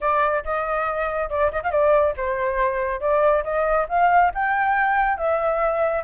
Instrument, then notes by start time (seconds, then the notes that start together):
flute
0.00 D5
0.44 D#5
1.29 D5
1.52 D#5
1.63 F5
1.71 D5
2.16 C5
3.00 D5
3.43 D#5
3.88 F5
4.34 G5
5.17 E5